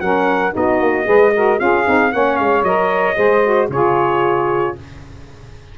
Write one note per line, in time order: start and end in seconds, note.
0.00 0.54 F#3
0.00 0.52 C#4
0.00 0.54 A#4
0.00 0.53 F#5
0.52 0.80 B3
0.52 1.04 D#4
0.52 1.06 F#4
0.52 1.59 D#5
0.80 1.06 A#3
1.04 1.60 G#3
1.04 1.31 G#4
1.04 1.32 B4
1.35 1.58 F#4
1.35 1.59 A#4
1.58 1.87 C#4
1.58 1.84 F4
1.58 2.12 G#4
1.58 2.12 F5
1.84 2.13 C4
1.84 2.11 D#4
2.12 2.39 A#3
2.12 2.64 C#4
2.12 3.16 C#5
2.12 2.37 F#5
2.37 2.63 G#3
2.37 2.63 F5
2.63 3.15 F#3
2.63 3.15 A#4
2.63 3.69 D#5
3.15 3.69 G#3
3.15 3.41 G#4
3.15 3.69 C5
3.44 3.70 F#4
3.69 4.74 C#3
3.69 4.78 F4
3.69 4.75 G#4
3.69 4.77 C#5